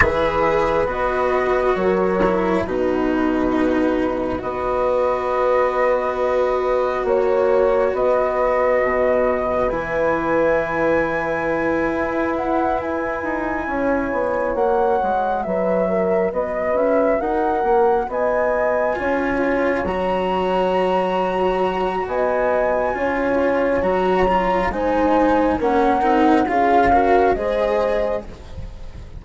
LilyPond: <<
  \new Staff \with { instrumentName = "flute" } { \time 4/4 \tempo 4 = 68 e''4 dis''4 cis''4 b'4~ | b'4 dis''2. | cis''4 dis''2 gis''4~ | gis''2 fis''8 gis''4.~ |
gis''8 fis''4 e''4 dis''8 e''8 fis''8~ | fis''8 gis''2 ais''4.~ | ais''4 gis''2 ais''4 | gis''4 fis''4 f''4 dis''4 | }
  \new Staff \with { instrumentName = "horn" } { \time 4/4 b'2 ais'4 fis'4~ | fis'4 b'2. | cis''4 b'2.~ | b'2.~ b'8 cis''8~ |
cis''4. b'8 ais'8 b'4 ais'8~ | ais'8 dis''4 cis''2~ cis''8~ | cis''4 dis''4 cis''2 | c''4 ais'4 gis'8 ais'8 c''4 | }
  \new Staff \with { instrumentName = "cello" } { \time 4/4 gis'4 fis'4. e'8 dis'4~ | dis'4 fis'2.~ | fis'2. e'4~ | e'1~ |
e'8 fis'2.~ fis'8~ | fis'4. f'4 fis'4.~ | fis'2 f'4 fis'8 f'8 | dis'4 cis'8 dis'8 f'8 fis'8 gis'4 | }
  \new Staff \with { instrumentName = "bassoon" } { \time 4/4 e4 b4 fis4 b,4~ | b,4 b2. | ais4 b4 b,4 e4~ | e4. e'4. dis'8 cis'8 |
b8 ais8 gis8 fis4 b8 cis'8 dis'8 | ais8 b4 cis'4 fis4.~ | fis4 b4 cis'4 fis4 | gis4 ais8 c'8 cis'4 gis4 | }
>>